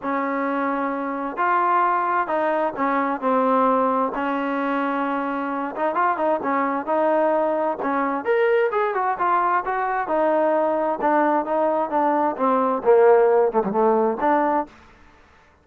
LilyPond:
\new Staff \with { instrumentName = "trombone" } { \time 4/4 \tempo 4 = 131 cis'2. f'4~ | f'4 dis'4 cis'4 c'4~ | c'4 cis'2.~ | cis'8 dis'8 f'8 dis'8 cis'4 dis'4~ |
dis'4 cis'4 ais'4 gis'8 fis'8 | f'4 fis'4 dis'2 | d'4 dis'4 d'4 c'4 | ais4. a16 g16 a4 d'4 | }